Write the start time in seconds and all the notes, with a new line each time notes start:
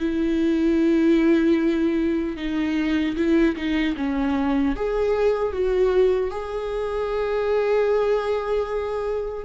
0.00 E4
2.37 D#4
3.17 E4
3.56 D#4
3.97 C#4
4.76 G#4
5.53 F#4
6.31 G#4